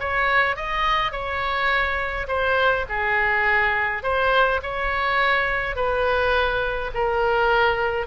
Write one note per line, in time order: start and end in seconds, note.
0.00 0.57 C#5
0.57 1.12 D#5
1.12 2.27 C#5
2.28 2.86 C5
2.89 4.03 G#4
4.03 4.61 C5
4.63 5.76 C#5
5.76 6.91 B4
6.94 8.07 A#4